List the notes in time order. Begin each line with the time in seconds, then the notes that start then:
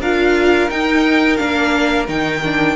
0.00 D4 F4 A#4 F5
0.70 D#4 G5
1.37 A#3 D4 F5
2.08 D#3 D#4 G5
2.45 D4